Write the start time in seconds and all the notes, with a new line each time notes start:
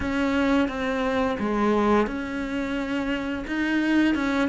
0.00 C#4
0.68 C4
1.39 G#3
2.06 C#4
3.47 D#4
4.14 C#4